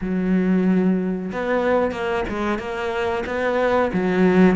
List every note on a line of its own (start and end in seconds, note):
0.01 1.31 F#3
1.32 1.91 B3
1.91 2.24 A#3
2.28 2.58 G#3
2.58 3.24 A#3
3.25 3.91 B3
3.93 4.56 F#3